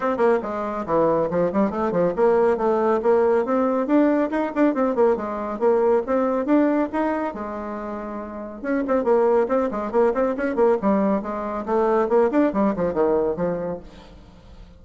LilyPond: \new Staff \with { instrumentName = "bassoon" } { \time 4/4 \tempo 4 = 139 c'8 ais8 gis4 e4 f8 g8 | a8 f8 ais4 a4 ais4 | c'4 d'4 dis'8 d'8 c'8 ais8 | gis4 ais4 c'4 d'4 |
dis'4 gis2. | cis'8 c'8 ais4 c'8 gis8 ais8 c'8 | cis'8 ais8 g4 gis4 a4 | ais8 d'8 g8 f8 dis4 f4 | }